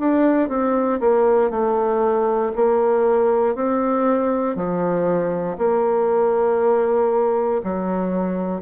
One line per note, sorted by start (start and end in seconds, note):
0.00 0.49 D4
0.49 1.00 C4
1.00 1.51 A#3
1.51 2.52 A3
2.56 3.55 A#3
3.55 4.56 C4
4.56 5.57 F3
5.58 7.62 A#3
7.64 8.62 F#3